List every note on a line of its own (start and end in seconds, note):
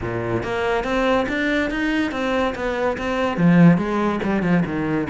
0.01 0.43 A#2
0.43 0.84 A#3
0.84 1.26 C4
1.28 1.70 D4
1.70 2.11 D#4
2.11 2.54 C4
2.55 2.97 B3
2.97 3.37 C4
3.37 3.77 F3
3.77 4.19 G#3
4.23 4.42 G3
4.42 4.63 F3
4.65 5.07 D#3